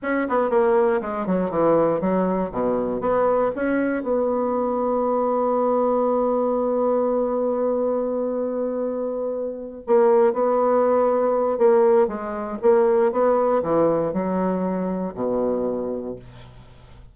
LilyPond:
\new Staff \with { instrumentName = "bassoon" } { \time 4/4 \tempo 4 = 119 cis'8 b8 ais4 gis8 fis8 e4 | fis4 b,4 b4 cis'4 | b1~ | b1~ |
b2.~ b8 ais8~ | ais8 b2~ b8 ais4 | gis4 ais4 b4 e4 | fis2 b,2 | }